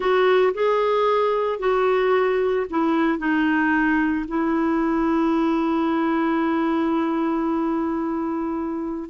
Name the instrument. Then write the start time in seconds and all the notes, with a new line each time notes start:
clarinet
0.00 F#4
0.54 G#4
1.59 F#4
2.70 E4
3.18 D#4
4.28 E4